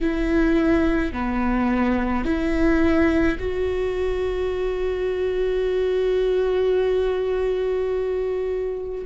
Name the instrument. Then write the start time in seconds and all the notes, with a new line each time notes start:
viola
0.01 E4
1.12 B3
2.24 E4
3.39 F#4